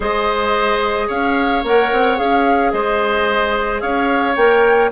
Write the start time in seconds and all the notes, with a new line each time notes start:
0.00 G#3 G#4 C5 D#5
1.07 C#4 C#5 F5
1.63 A#3 A#4 F#5
1.92 C4
2.16 C#4 G#4 F5
2.71 G#3 C5 D#5
3.80 C#4 C#5 F5
4.36 A#3 A#4 G5